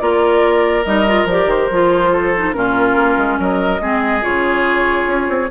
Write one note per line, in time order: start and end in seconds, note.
0.00 0.85 A#3
0.00 0.85 F4
0.00 2.12 A#4
0.00 0.85 D5
0.85 1.25 G3
0.85 1.06 D#4
0.85 1.27 D#5
1.07 1.28 F4
1.25 1.46 F3
1.25 1.72 G4
1.25 1.50 D5
1.46 1.67 D#3
1.46 2.53 C5
1.71 2.55 F3
1.71 2.35 F4
2.12 2.55 A4
2.36 2.54 D#4
2.53 2.96 A#2
2.53 3.80 C#4
2.53 3.39 F4
2.53 3.37 A#4
2.96 3.17 A#3
3.18 3.39 G#3
3.39 3.81 F#3
3.39 3.81 A#4
3.39 4.24 D#5
3.80 4.23 G#3
3.80 4.22 C4
3.80 5.51 G#4
4.22 5.07 C#3
4.22 5.49 F4
4.22 5.50 C#5
5.07 5.28 C#4
5.29 5.50 C4